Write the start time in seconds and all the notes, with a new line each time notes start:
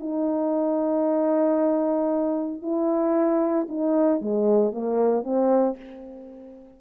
0.00 D#4
2.62 E4
3.69 D#4
4.21 G#3
4.72 A#3
5.23 C4